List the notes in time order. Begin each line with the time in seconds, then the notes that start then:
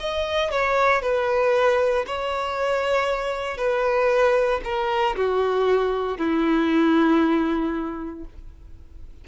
0.00 D#5
0.52 C#5
1.02 B4
2.07 C#5
3.58 B4
4.65 A#4
5.17 F#4
6.18 E4